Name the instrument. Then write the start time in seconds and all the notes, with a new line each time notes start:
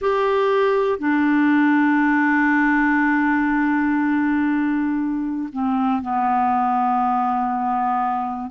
clarinet
0.01 G4
0.98 D4
5.52 C4
6.02 B3